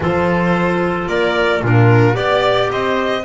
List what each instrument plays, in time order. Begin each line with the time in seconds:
0.00 double bass F3, clarinet F4, trumpet A4, violin C5
1.08 double bass A#3, trumpet A#4, violin D5
1.61 double bass A#2, clarinet D4, trumpet F4, violin A#4
2.13 double bass B3, clarinet G4, violin D5, trumpet D5
2.71 double bass C4, trumpet C5, violin D#5